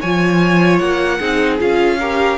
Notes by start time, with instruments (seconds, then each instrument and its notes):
0.00 cello F3, viola F4, violin C#5 G#5
0.78 cello A#3, violin F#5
1.19 cello C4, viola D#4, violin G#4
1.59 cello C#4, viola F4, violin F5
2.00 viola G4, violin A#4